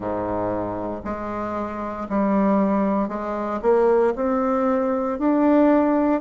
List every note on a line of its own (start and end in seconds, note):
0.00 1.02 G#2
1.04 2.07 G#3
2.09 3.08 G3
3.08 3.60 G#3
3.62 4.13 A#3
4.15 5.19 C4
5.19 6.21 D4